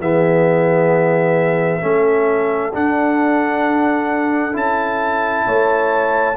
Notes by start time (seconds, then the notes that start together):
0.00 E3 B3 G#4 E5
1.81 A3 C#4 A4
2.74 D4 F#5
4.52 C#4 E4 A5
5.46 A3 C#5